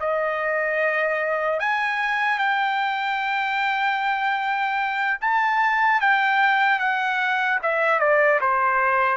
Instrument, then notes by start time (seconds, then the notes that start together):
trumpet
0.00 D#5
1.59 G#5
2.39 G5
5.21 A5
6.01 G5
6.79 F#5
7.63 E5
8.00 D5
8.41 C5